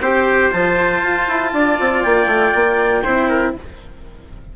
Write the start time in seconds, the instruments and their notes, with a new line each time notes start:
0.00 bassoon C4, cello G4, trumpet C5, clarinet G5
0.51 bassoon F3, cello F4, clarinet A5
1.02 bassoon F4
1.28 bassoon E4
1.53 bassoon D4, trumpet D5
1.80 bassoon C4
2.02 bassoon A#3, clarinet G5
2.26 bassoon A3
2.55 bassoon A#3
3.03 bassoon C4, cello E4, trumpet C5
3.29 trumpet A#4